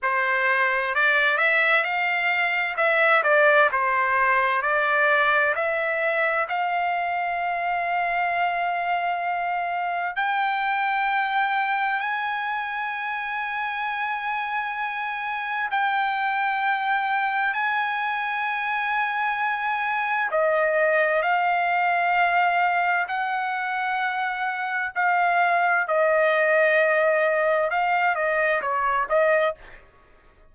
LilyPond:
\new Staff \with { instrumentName = "trumpet" } { \time 4/4 \tempo 4 = 65 c''4 d''8 e''8 f''4 e''8 d''8 | c''4 d''4 e''4 f''4~ | f''2. g''4~ | g''4 gis''2.~ |
gis''4 g''2 gis''4~ | gis''2 dis''4 f''4~ | f''4 fis''2 f''4 | dis''2 f''8 dis''8 cis''8 dis''8 | }